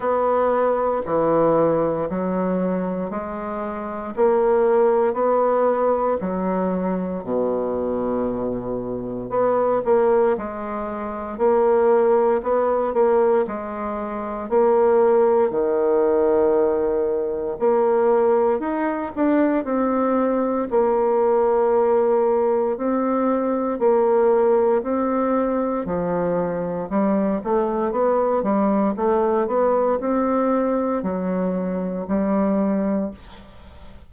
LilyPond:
\new Staff \with { instrumentName = "bassoon" } { \time 4/4 \tempo 4 = 58 b4 e4 fis4 gis4 | ais4 b4 fis4 b,4~ | b,4 b8 ais8 gis4 ais4 | b8 ais8 gis4 ais4 dis4~ |
dis4 ais4 dis'8 d'8 c'4 | ais2 c'4 ais4 | c'4 f4 g8 a8 b8 g8 | a8 b8 c'4 fis4 g4 | }